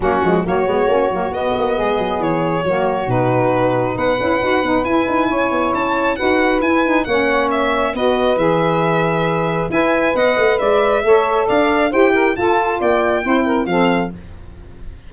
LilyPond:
<<
  \new Staff \with { instrumentName = "violin" } { \time 4/4 \tempo 4 = 136 fis'4 cis''2 dis''4~ | dis''4 cis''2 b'4~ | b'4 fis''2 gis''4~ | gis''4 a''4 fis''4 gis''4 |
fis''4 e''4 dis''4 e''4~ | e''2 gis''4 fis''4 | e''2 f''4 g''4 | a''4 g''2 f''4 | }
  \new Staff \with { instrumentName = "saxophone" } { \time 4/4 cis'4 fis'2. | gis'2 fis'2~ | fis'4 b'2. | cis''2 b'2 |
cis''2 b'2~ | b'2 e''4 dis''4 | d''4 cis''4 d''4 c''8 ais'8 | a'4 d''4 c''8 ais'8 a'4 | }
  \new Staff \with { instrumentName = "saxophone" } { \time 4/4 ais8 gis8 ais8 b8 cis'8 ais8 b4~ | b2 ais4 dis'4~ | dis'4. e'8 fis'8 dis'8 e'4~ | e'2 fis'4 e'8 dis'8 |
cis'2 fis'4 gis'4~ | gis'2 b'2~ | b'4 a'2 g'4 | f'2 e'4 c'4 | }
  \new Staff \with { instrumentName = "tuba" } { \time 4/4 fis8 f8 fis8 gis8 ais8 fis8 b8 ais8 | gis8 fis8 e4 fis4 b,4~ | b,4 b8 cis'8 dis'8 b8 e'8 dis'8 | cis'8 b8 cis'4 dis'4 e'4 |
ais2 b4 e4~ | e2 e'4 b8 a8 | gis4 a4 d'4 e'4 | f'4 ais4 c'4 f4 | }
>>